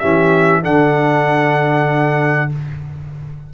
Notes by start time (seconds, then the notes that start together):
0.00 E3 C#4 G4 E5
0.62 D3 D4 A4 F#5